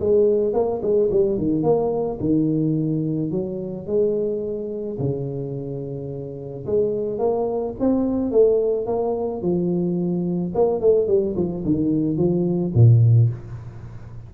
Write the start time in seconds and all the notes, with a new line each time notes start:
0.00 G#3
0.53 A#3
0.82 G#3
1.11 G3
1.38 D#3
1.63 A#3
2.20 D#3
3.31 F#3
3.86 G#3
4.99 C#3
6.66 G#3
7.18 A#3
7.79 C4
8.31 A3
8.86 A#3
9.41 F3
10.54 A#3
10.80 A3
11.07 G3
11.36 F3
11.64 D#3
12.17 F3
12.74 A#2